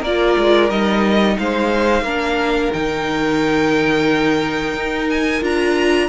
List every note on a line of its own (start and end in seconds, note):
0.00 0.36 A#3
0.00 1.35 A#4
0.00 0.70 D5
0.06 0.70 F4
0.37 0.70 G#3
0.70 1.37 G3
0.70 2.05 D#4
0.70 1.37 D#5
1.38 2.01 G#3
1.38 2.04 C5
1.38 2.73 F5
2.01 2.69 A#3
2.01 2.73 D4
2.01 6.08 A#4
2.73 4.74 D#3
2.73 5.41 D#4
2.73 5.09 G5
4.74 5.41 D#4
5.10 5.43 G#5
5.41 6.09 D4
5.41 6.09 F4
5.41 6.09 A#5